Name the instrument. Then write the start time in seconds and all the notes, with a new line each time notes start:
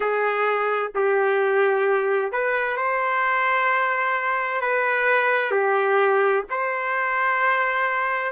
trumpet
0.00 G#4
0.94 G4
2.32 B4
2.77 C5
4.61 B4
5.51 G4
6.50 C5